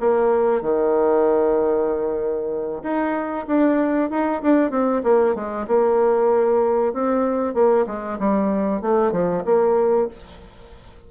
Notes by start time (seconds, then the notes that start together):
0.00 A#3
0.62 D#3
2.83 D#4
3.47 D4
4.10 D#4
4.42 D4
4.71 C4
5.03 A#3
5.35 G#3
5.68 A#3
6.94 C4
7.54 A#3
7.87 G#3
8.19 G3
8.81 A3
9.12 F3
9.45 A#3